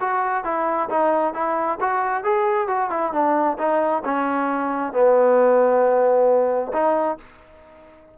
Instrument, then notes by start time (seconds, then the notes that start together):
trombone
0.00 F#4
0.44 E4
0.89 D#4
1.34 E4
1.81 F#4
2.23 G#4
2.67 F#4
2.90 E4
3.12 D4
3.58 D#4
4.04 C#4
4.93 B3
6.73 D#4